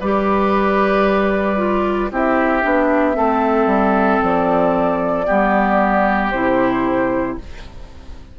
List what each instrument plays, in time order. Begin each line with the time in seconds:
0.00 bassoon G3, clarinet G4, oboe B4, flute D5
1.57 clarinet F4
2.11 bassoon C4, clarinet E4, oboe G4, flute E5
2.62 bassoon B3, clarinet D4
3.14 bassoon A3, clarinet C4, oboe A4
3.66 bassoon G3
4.22 bassoon F3, flute D5
5.26 bassoon G3, clarinet B3, oboe G4
6.31 bassoon C3, clarinet E4, flute C5